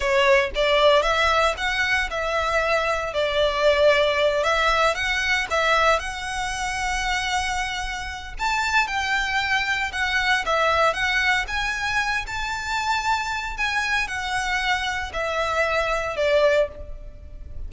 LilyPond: \new Staff \with { instrumentName = "violin" } { \time 4/4 \tempo 4 = 115 cis''4 d''4 e''4 fis''4 | e''2 d''2~ | d''8 e''4 fis''4 e''4 fis''8~ | fis''1 |
a''4 g''2 fis''4 | e''4 fis''4 gis''4. a''8~ | a''2 gis''4 fis''4~ | fis''4 e''2 d''4 | }